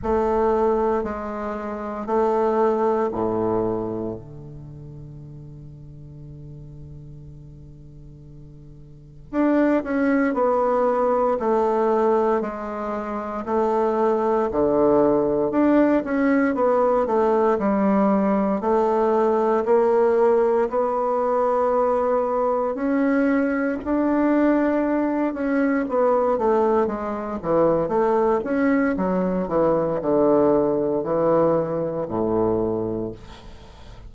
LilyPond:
\new Staff \with { instrumentName = "bassoon" } { \time 4/4 \tempo 4 = 58 a4 gis4 a4 a,4 | d1~ | d4 d'8 cis'8 b4 a4 | gis4 a4 d4 d'8 cis'8 |
b8 a8 g4 a4 ais4 | b2 cis'4 d'4~ | d'8 cis'8 b8 a8 gis8 e8 a8 cis'8 | fis8 e8 d4 e4 a,4 | }